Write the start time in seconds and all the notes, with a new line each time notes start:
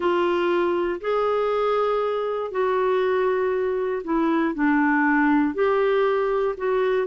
0.00 F4
1.00 G#4
2.51 F#4
4.03 E4
4.54 D4
5.54 G4
6.57 F#4